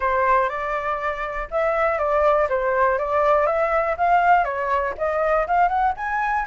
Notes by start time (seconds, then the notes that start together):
0.00 C5
0.49 D5
1.51 E5
1.98 D5
2.49 C5
2.98 D5
3.46 E5
3.97 F5
4.44 C#5
4.97 D#5
5.47 F5
5.68 F#5
5.96 G#5